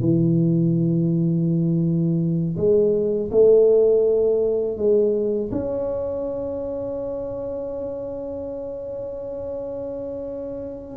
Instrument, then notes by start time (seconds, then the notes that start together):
tuba
0.00 E3
2.56 G#3
3.31 A3
4.77 G#3
5.51 C#4